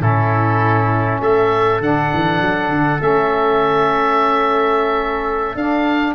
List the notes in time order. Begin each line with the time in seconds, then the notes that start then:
0.00 A2 C#4 E4 A4
1.21 A3 A4 E5
1.80 D3 D4 F#5
2.14 E3
2.42 F#3
2.70 D3
2.99 A3 C#4 E5
5.55 D4 F5